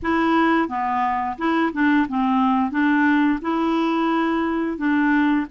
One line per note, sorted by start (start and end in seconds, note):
0.02 0.68 E4
0.68 1.36 B3
1.38 1.72 E4
1.72 2.06 D4
2.08 2.71 C4
2.71 3.39 D4
3.41 4.77 E4
4.77 5.45 D4